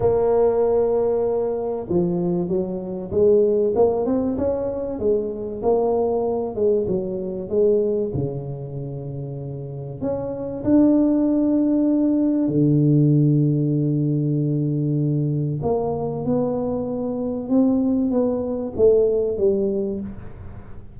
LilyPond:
\new Staff \with { instrumentName = "tuba" } { \time 4/4 \tempo 4 = 96 ais2. f4 | fis4 gis4 ais8 c'8 cis'4 | gis4 ais4. gis8 fis4 | gis4 cis2. |
cis'4 d'2. | d1~ | d4 ais4 b2 | c'4 b4 a4 g4 | }